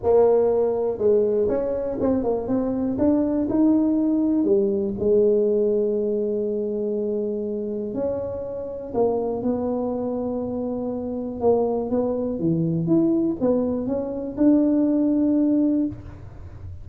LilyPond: \new Staff \with { instrumentName = "tuba" } { \time 4/4 \tempo 4 = 121 ais2 gis4 cis'4 | c'8 ais8 c'4 d'4 dis'4~ | dis'4 g4 gis2~ | gis1 |
cis'2 ais4 b4~ | b2. ais4 | b4 e4 e'4 b4 | cis'4 d'2. | }